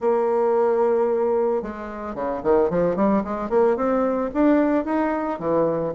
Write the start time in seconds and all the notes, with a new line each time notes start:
0.00 A#3
1.62 G#3
2.14 C#3
2.43 D#3
2.70 F3
2.96 G3
3.24 G#3
3.49 A#3
3.76 C4
4.33 D4
4.85 D#4
5.39 E3